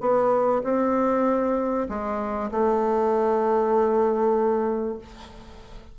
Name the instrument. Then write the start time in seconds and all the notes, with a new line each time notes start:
bassoon
0.00 B3
0.64 C4
1.88 G#3
2.51 A3